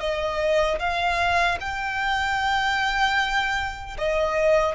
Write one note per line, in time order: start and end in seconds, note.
0.00 0.79 D#5
0.79 1.58 F5
1.61 3.98 G5
3.98 4.75 D#5